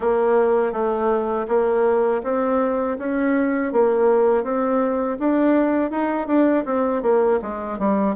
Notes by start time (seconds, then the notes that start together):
0.00 A#3
0.72 A3
1.48 A#3
2.23 C4
2.98 C#4
3.72 A#3
4.43 C4
5.19 D4
5.90 D#4
6.27 D4
6.65 C4
7.02 A#3
7.42 G#3
7.78 G3